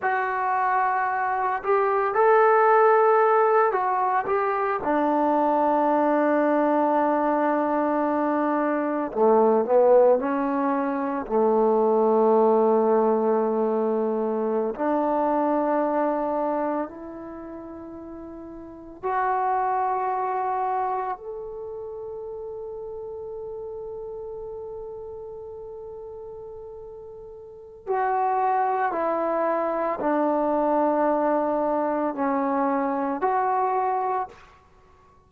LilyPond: \new Staff \with { instrumentName = "trombone" } { \time 4/4 \tempo 4 = 56 fis'4. g'8 a'4. fis'8 | g'8 d'2.~ d'8~ | d'8 a8 b8 cis'4 a4.~ | a4.~ a16 d'2 e'16~ |
e'4.~ e'16 fis'2 a'16~ | a'1~ | a'2 fis'4 e'4 | d'2 cis'4 fis'4 | }